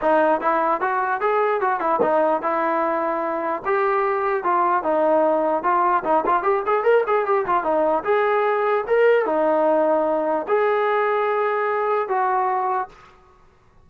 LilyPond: \new Staff \with { instrumentName = "trombone" } { \time 4/4 \tempo 4 = 149 dis'4 e'4 fis'4 gis'4 | fis'8 e'8 dis'4 e'2~ | e'4 g'2 f'4 | dis'2 f'4 dis'8 f'8 |
g'8 gis'8 ais'8 gis'8 g'8 f'8 dis'4 | gis'2 ais'4 dis'4~ | dis'2 gis'2~ | gis'2 fis'2 | }